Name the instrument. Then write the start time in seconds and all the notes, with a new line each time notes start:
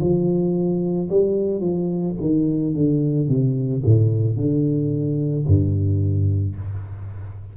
tuba
0.00 F3
1.10 G3
1.61 F3
2.21 D#3
2.74 D3
3.28 C3
3.85 A2
4.37 D3
5.47 G2